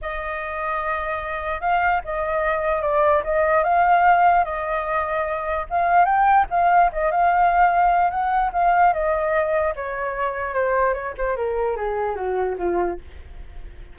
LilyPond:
\new Staff \with { instrumentName = "flute" } { \time 4/4 \tempo 4 = 148 dis''1 | f''4 dis''2 d''4 | dis''4 f''2 dis''4~ | dis''2 f''4 g''4 |
f''4 dis''8 f''2~ f''8 | fis''4 f''4 dis''2 | cis''2 c''4 cis''8 c''8 | ais'4 gis'4 fis'4 f'4 | }